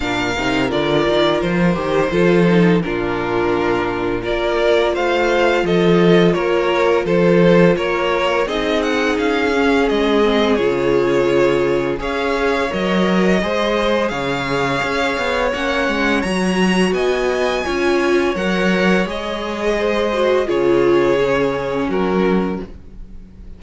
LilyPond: <<
  \new Staff \with { instrumentName = "violin" } { \time 4/4 \tempo 4 = 85 f''4 d''4 c''2 | ais'2 d''4 f''4 | dis''4 cis''4 c''4 cis''4 | dis''8 fis''8 f''4 dis''4 cis''4~ |
cis''4 f''4 dis''2 | f''2 fis''4 ais''4 | gis''2 fis''4 dis''4~ | dis''4 cis''2 ais'4 | }
  \new Staff \with { instrumentName = "violin" } { \time 4/4 ais'2. a'4 | f'2 ais'4 c''4 | a'4 ais'4 a'4 ais'4 | gis'1~ |
gis'4 cis''2 c''4 | cis''1 | dis''4 cis''2. | c''4 gis'2 fis'4 | }
  \new Staff \with { instrumentName = "viola" } { \time 4/4 d'8 dis'8 f'4. g'8 f'8 dis'8 | d'2 f'2~ | f'1 | dis'4. cis'4 c'8 f'4~ |
f'4 gis'4 ais'4 gis'4~ | gis'2 cis'4 fis'4~ | fis'4 f'4 ais'4 gis'4~ | gis'8 fis'8 f'4 cis'2 | }
  \new Staff \with { instrumentName = "cello" } { \time 4/4 ais,8 c8 d8 dis8 f8 dis8 f4 | ais,2 ais4 a4 | f4 ais4 f4 ais4 | c'4 cis'4 gis4 cis4~ |
cis4 cis'4 fis4 gis4 | cis4 cis'8 b8 ais8 gis8 fis4 | b4 cis'4 fis4 gis4~ | gis4 cis2 fis4 | }
>>